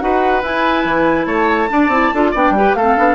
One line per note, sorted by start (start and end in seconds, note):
0.00 0.43 D#4
0.00 0.42 F#4
0.00 1.27 B4
0.00 0.42 F#5
0.43 0.85 E4
0.43 1.69 E4
0.43 1.25 G#5
0.85 1.26 E3
1.25 1.68 A3
1.25 1.69 C#5
1.25 2.31 A5
1.69 1.90 D4
1.69 1.89 D4
1.69 2.15 D5
1.89 2.10 C4
1.89 2.13 E4
2.14 2.35 D4
2.14 2.35 F4
2.14 2.31 A4
2.31 2.50 B3
2.31 2.57 D4
2.31 2.53 D5
2.31 2.75 G5
2.50 2.72 G3
2.57 2.78 G4
2.57 2.77 B4
2.75 2.96 A3
2.75 2.97 C4
2.75 3.15 A4
2.75 3.15 F5
2.97 3.15 B3
2.97 3.15 D4